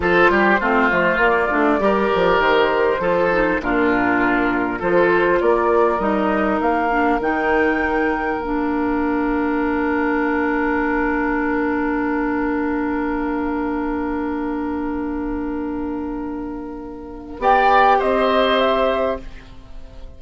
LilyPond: <<
  \new Staff \with { instrumentName = "flute" } { \time 4/4 \tempo 4 = 100 c''2 d''2 | c''2 ais'2 | c''4 d''4 dis''4 f''4 | g''2 f''2~ |
f''1~ | f''1~ | f''1~ | f''4 g''4 dis''4 e''4 | }
  \new Staff \with { instrumentName = "oboe" } { \time 4/4 a'8 g'8 f'2 ais'4~ | ais'4 a'4 f'2 | a'4 ais'2.~ | ais'1~ |
ais'1~ | ais'1~ | ais'1~ | ais'4 d''4 c''2 | }
  \new Staff \with { instrumentName = "clarinet" } { \time 4/4 f'4 c'8 a8 ais8 d'8 g'4~ | g'4 f'8 dis'8 d'2 | f'2 dis'4. d'8 | dis'2 d'2~ |
d'1~ | d'1~ | d'1~ | d'4 g'2. | }
  \new Staff \with { instrumentName = "bassoon" } { \time 4/4 f8 g8 a8 f8 ais8 a8 g8 f8 | dis4 f4 ais,2 | f4 ais4 g4 ais4 | dis2 ais2~ |
ais1~ | ais1~ | ais1~ | ais4 b4 c'2 | }
>>